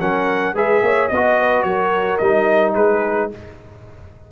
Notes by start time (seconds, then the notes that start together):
0.00 F#3 C#4 A#4 F#5
0.54 G#3 G#4 B4 E5
0.82 A#3 C#5
1.08 B3 F#4 D#5
1.40 B4
1.62 F#3 A#4 C#5
2.18 G3 D#4 D#5
2.75 G#3 G#4 B4